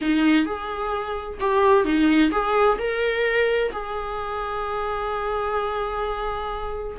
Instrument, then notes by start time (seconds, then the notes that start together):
viola
0.01 D#4
0.45 G#4
1.40 G4
1.84 D#4
2.31 G#4
2.78 A#4
3.71 G#4